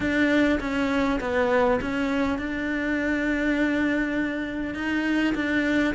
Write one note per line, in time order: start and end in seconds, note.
0.00 0.59 D4
0.60 1.19 C#4
1.20 1.80 B3
1.81 2.38 C#4
2.38 4.74 D4
4.74 5.34 D#4
5.34 5.94 D4